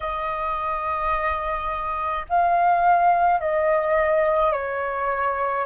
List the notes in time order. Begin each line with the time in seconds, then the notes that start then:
0.00 D#5
2.29 F5
3.40 D#5
4.52 C#5